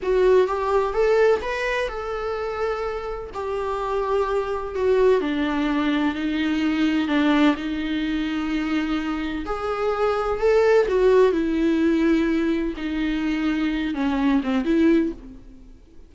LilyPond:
\new Staff \with { instrumentName = "viola" } { \time 4/4 \tempo 4 = 127 fis'4 g'4 a'4 b'4 | a'2. g'4~ | g'2 fis'4 d'4~ | d'4 dis'2 d'4 |
dis'1 | gis'2 a'4 fis'4 | e'2. dis'4~ | dis'4. cis'4 c'8 e'4 | }